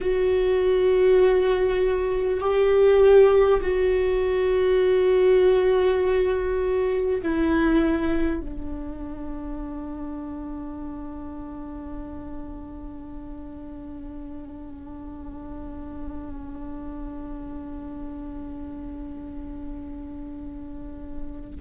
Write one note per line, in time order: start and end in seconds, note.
0.00 2.40 F#4
2.40 3.60 G4
3.61 7.21 F#4
7.22 8.41 E4
8.41 21.61 D4